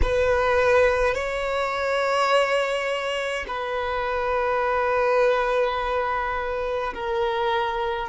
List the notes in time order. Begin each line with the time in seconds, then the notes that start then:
0.02 B4
1.14 C#5
3.47 B4
6.93 A#4